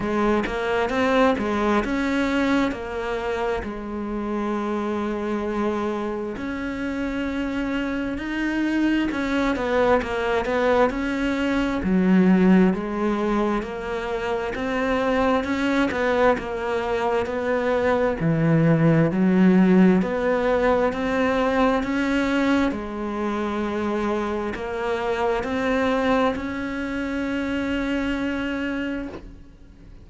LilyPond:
\new Staff \with { instrumentName = "cello" } { \time 4/4 \tempo 4 = 66 gis8 ais8 c'8 gis8 cis'4 ais4 | gis2. cis'4~ | cis'4 dis'4 cis'8 b8 ais8 b8 | cis'4 fis4 gis4 ais4 |
c'4 cis'8 b8 ais4 b4 | e4 fis4 b4 c'4 | cis'4 gis2 ais4 | c'4 cis'2. | }